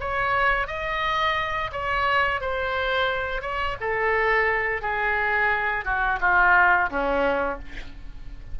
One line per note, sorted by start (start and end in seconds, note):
0.00 0.67 C#5
0.67 1.71 D#5
1.72 2.41 C#5
2.41 3.42 C5
3.42 3.76 C#5
3.81 4.82 A4
4.82 5.85 G#4
5.85 6.19 F#4
6.21 6.90 F4
6.90 7.59 C#4